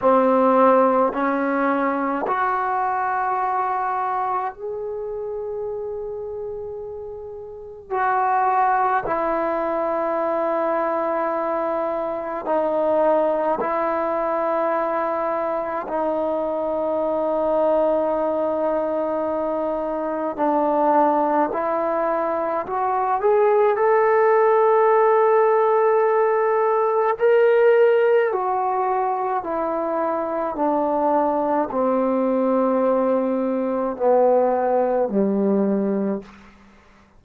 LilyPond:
\new Staff \with { instrumentName = "trombone" } { \time 4/4 \tempo 4 = 53 c'4 cis'4 fis'2 | gis'2. fis'4 | e'2. dis'4 | e'2 dis'2~ |
dis'2 d'4 e'4 | fis'8 gis'8 a'2. | ais'4 fis'4 e'4 d'4 | c'2 b4 g4 | }